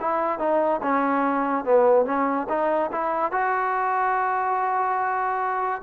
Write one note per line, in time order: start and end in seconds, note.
0.00 0.39 E4
0.39 0.80 D#4
0.82 1.64 C#4
1.64 2.05 B3
2.05 2.47 C#4
2.48 2.90 D#4
2.91 3.31 E4
3.31 5.81 F#4